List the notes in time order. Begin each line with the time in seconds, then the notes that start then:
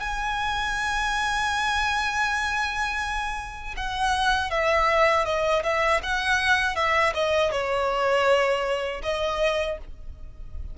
0.00 G#5
3.77 F#5
4.50 E5
5.25 D#5
5.63 E5
6.03 F#5
6.76 E5
7.14 D#5
7.51 C#5
9.03 D#5